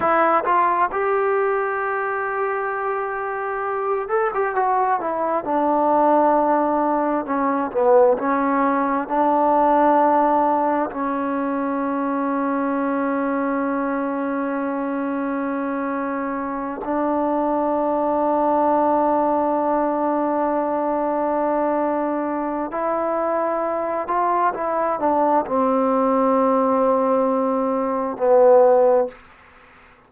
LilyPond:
\new Staff \with { instrumentName = "trombone" } { \time 4/4 \tempo 4 = 66 e'8 f'8 g'2.~ | g'8 a'16 g'16 fis'8 e'8 d'2 | cis'8 b8 cis'4 d'2 | cis'1~ |
cis'2~ cis'8 d'4.~ | d'1~ | d'4 e'4. f'8 e'8 d'8 | c'2. b4 | }